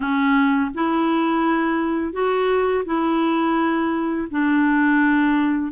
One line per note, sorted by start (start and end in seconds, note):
0.00 0.70 C#4
0.74 2.12 E4
2.12 2.84 F#4
2.85 4.28 E4
4.31 5.72 D4